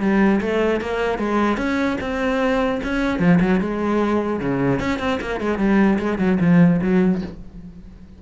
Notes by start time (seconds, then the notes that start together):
0.00 G3
0.41 A3
0.81 A#3
1.18 G#3
1.57 C#4
2.01 C4
2.83 C#4
3.19 F3
3.40 F#3
3.60 G#3
4.40 C#3
4.79 C#4
4.99 C4
5.21 A#3
5.40 G#3
5.58 G3
5.98 G#3
6.18 F#3
6.40 F3
6.81 F#3